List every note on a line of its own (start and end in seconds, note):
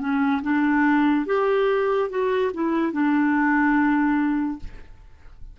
0.00 0.42 C#4
0.42 1.26 D4
1.26 2.09 G4
2.10 2.52 F#4
2.53 2.92 E4
2.92 4.59 D4